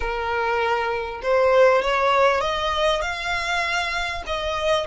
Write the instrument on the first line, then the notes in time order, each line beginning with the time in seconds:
violin
0.00 A#4
1.22 C5
1.82 C#5
2.40 D#5
3.01 F5
4.26 D#5